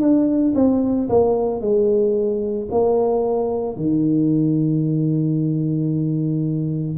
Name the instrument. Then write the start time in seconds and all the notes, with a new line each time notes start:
tuba
0.00 D4
0.55 C4
1.09 A#3
1.61 G#3
2.71 A#3
3.76 D#3